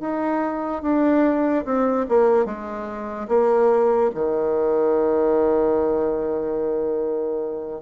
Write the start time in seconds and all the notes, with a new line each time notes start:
0.00 D#4
0.82 D4
1.65 C4
2.08 A#3
2.45 G#3
3.28 A#3
4.15 D#3